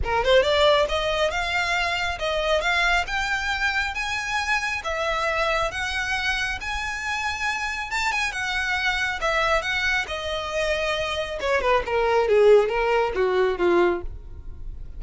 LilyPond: \new Staff \with { instrumentName = "violin" } { \time 4/4 \tempo 4 = 137 ais'8 c''8 d''4 dis''4 f''4~ | f''4 dis''4 f''4 g''4~ | g''4 gis''2 e''4~ | e''4 fis''2 gis''4~ |
gis''2 a''8 gis''8 fis''4~ | fis''4 e''4 fis''4 dis''4~ | dis''2 cis''8 b'8 ais'4 | gis'4 ais'4 fis'4 f'4 | }